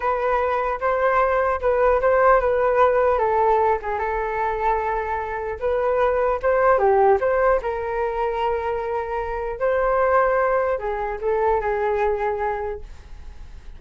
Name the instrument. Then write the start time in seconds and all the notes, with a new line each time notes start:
flute
0.00 B4
0.80 C5
1.60 B4
2.01 C5
2.40 B4
3.18 A4
3.82 G#4
3.99 A4
5.59 B4
6.42 C5
6.78 G4
7.20 C5
7.62 A#4
9.59 C5
10.78 G#4
11.21 A4
11.61 G#4